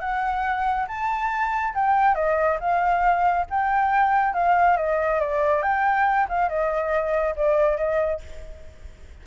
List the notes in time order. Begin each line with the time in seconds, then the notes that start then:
0.00 F#5
0.87 A5
1.74 G5
2.15 D#5
2.60 F5
3.50 G5
4.34 F5
4.77 D#5
5.20 D5
5.62 G5
6.29 F5
6.48 D#5
7.36 D5
7.77 D#5